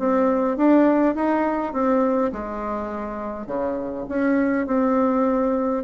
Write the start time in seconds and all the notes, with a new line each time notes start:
0.00 C4
0.57 D4
1.16 D#4
1.73 C4
2.33 G#3
3.47 C#3
4.09 C#4
4.67 C4